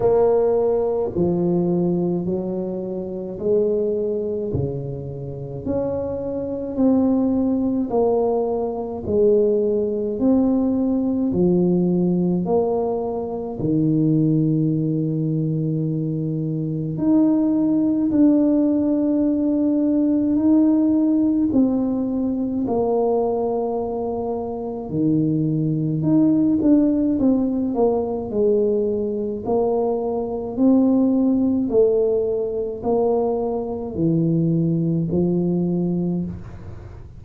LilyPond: \new Staff \with { instrumentName = "tuba" } { \time 4/4 \tempo 4 = 53 ais4 f4 fis4 gis4 | cis4 cis'4 c'4 ais4 | gis4 c'4 f4 ais4 | dis2. dis'4 |
d'2 dis'4 c'4 | ais2 dis4 dis'8 d'8 | c'8 ais8 gis4 ais4 c'4 | a4 ais4 e4 f4 | }